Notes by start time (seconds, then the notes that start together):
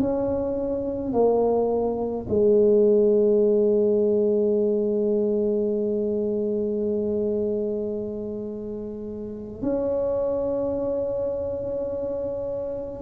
0.00 C#4
1.13 A#3
2.29 G#3
9.62 C#4